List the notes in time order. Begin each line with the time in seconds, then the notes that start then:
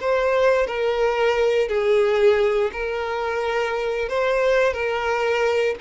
0.00 C5
0.66 A#4
1.68 G#4
2.72 A#4
4.08 C5
4.73 A#4